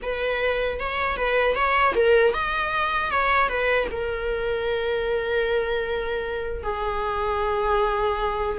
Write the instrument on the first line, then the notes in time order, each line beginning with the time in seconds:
viola
0.02 B4
0.79 C#5
1.16 B4
1.55 C#5
1.95 A#4
2.33 D#5
3.10 C#5
3.48 B4
3.91 A#4
6.63 G#4